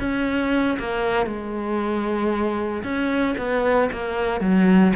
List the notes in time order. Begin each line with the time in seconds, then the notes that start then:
0.00 C#4
0.79 A#3
1.27 G#3
2.84 C#4
3.38 B3
3.92 A#3
4.41 F#3